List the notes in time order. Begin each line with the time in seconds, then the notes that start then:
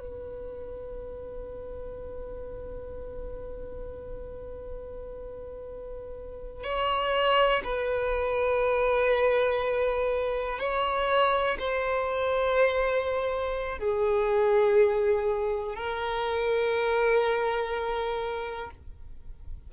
0.00 B4
6.64 C#5
7.64 B4
10.59 C#5
11.59 C5
13.79 G#4
15.76 A#4